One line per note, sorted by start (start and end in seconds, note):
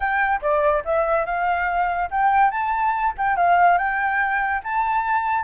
0.00 0.40 G5
0.41 0.83 D5
0.84 1.25 E5
1.25 2.09 F5
2.11 2.50 G5
2.50 3.13 A5
3.17 3.36 G5
3.36 3.78 F5
3.78 4.62 G5
4.63 5.44 A5